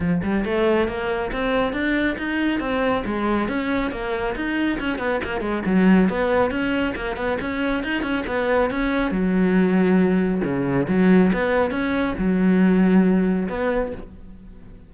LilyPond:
\new Staff \with { instrumentName = "cello" } { \time 4/4 \tempo 4 = 138 f8 g8 a4 ais4 c'4 | d'4 dis'4 c'4 gis4 | cis'4 ais4 dis'4 cis'8 b8 | ais8 gis8 fis4 b4 cis'4 |
ais8 b8 cis'4 dis'8 cis'8 b4 | cis'4 fis2. | cis4 fis4 b4 cis'4 | fis2. b4 | }